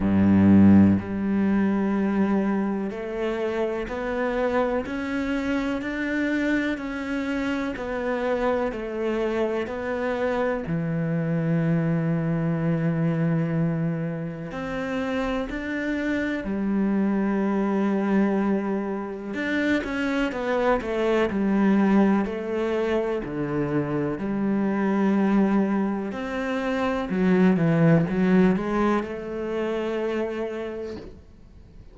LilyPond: \new Staff \with { instrumentName = "cello" } { \time 4/4 \tempo 4 = 62 g,4 g2 a4 | b4 cis'4 d'4 cis'4 | b4 a4 b4 e4~ | e2. c'4 |
d'4 g2. | d'8 cis'8 b8 a8 g4 a4 | d4 g2 c'4 | fis8 e8 fis8 gis8 a2 | }